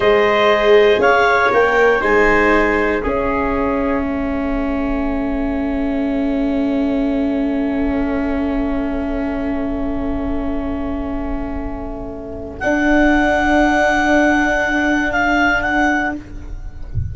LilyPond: <<
  \new Staff \with { instrumentName = "clarinet" } { \time 4/4 \tempo 4 = 119 dis''2 f''4 g''4 | gis''2 e''2~ | e''1~ | e''1~ |
e''1~ | e''1~ | e''4 fis''2.~ | fis''2 f''4 fis''4 | }
  \new Staff \with { instrumentName = "trumpet" } { \time 4/4 c''2 cis''2 | c''2 gis'2 | a'1~ | a'1~ |
a'1~ | a'1~ | a'1~ | a'1 | }
  \new Staff \with { instrumentName = "viola" } { \time 4/4 gis'2. ais'4 | dis'2 cis'2~ | cis'1~ | cis'1~ |
cis'1~ | cis'1~ | cis'4 d'2.~ | d'1 | }
  \new Staff \with { instrumentName = "tuba" } { \time 4/4 gis2 cis'4 ais4 | gis2 cis'2 | a1~ | a1~ |
a1~ | a1~ | a4 d'2.~ | d'1 | }
>>